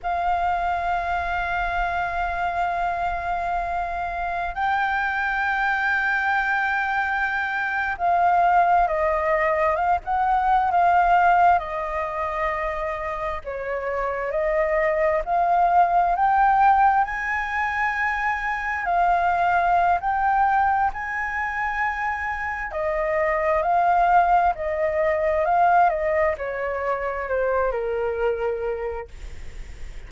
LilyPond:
\new Staff \with { instrumentName = "flute" } { \time 4/4 \tempo 4 = 66 f''1~ | f''4 g''2.~ | g''8. f''4 dis''4 f''16 fis''8. f''16~ | f''8. dis''2 cis''4 dis''16~ |
dis''8. f''4 g''4 gis''4~ gis''16~ | gis''8. f''4~ f''16 g''4 gis''4~ | gis''4 dis''4 f''4 dis''4 | f''8 dis''8 cis''4 c''8 ais'4. | }